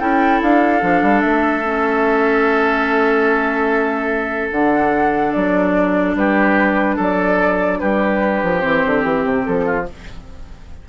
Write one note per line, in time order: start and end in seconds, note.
0.00 0.42 C#4
0.00 0.81 E4
0.00 6.17 A4
0.00 0.41 G5
0.42 0.82 D4
0.42 1.21 F5
0.81 1.02 F3
0.81 1.64 D4
1.02 1.23 G3
1.21 4.52 A3
1.21 4.50 E5
1.64 4.52 C#4
4.52 5.34 D3
4.52 8.60 D4
4.52 5.33 F#5
5.33 6.15 F#3
5.33 6.15 D5
6.15 6.98 G3
6.15 6.96 G4
6.15 6.99 B4
6.96 7.81 F#3
6.96 7.78 A4
7.02 7.80 D5
7.80 8.43 G3
7.80 9.66 G4
7.80 8.61 B4
8.43 8.64 F3
8.60 8.84 E3
8.60 9.83 C4
8.60 9.02 C5
8.86 9.04 D3
9.02 9.24 E3
9.02 9.43 G4
9.24 9.45 C3
9.46 9.89 F3
9.46 9.87 A4
9.66 9.86 F4